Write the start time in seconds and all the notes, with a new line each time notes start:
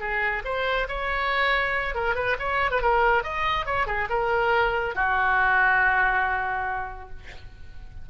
0.00 G#4
0.45 C5
0.88 C#5
1.95 A#4
2.15 B4
2.39 C#5
2.71 B4
2.82 A#4
3.24 D#5
3.66 C#5
3.87 G#4
4.10 A#4
4.95 F#4